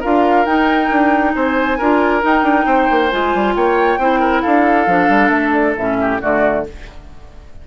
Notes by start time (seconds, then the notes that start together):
0.00 D4 F4 A#4 F5
0.46 D#4 G5
0.90 D4
1.34 C4 C5 G#5
1.78 D4 F4 A#4
2.21 D#4 G5
2.43 D4
2.66 C4 C5
2.90 A#3
3.10 G#3 F4 G#5
3.34 G3
3.55 A#3 C#5 G5
3.98 C4 E4 C5
4.19 A#4
4.41 D4 A4 F5
4.87 F3 D4
5.09 G3
5.30 A3 E5
5.53 D5
5.77 A2 C#4 E5
6.01 G4
6.20 D3 A3 F#4 D5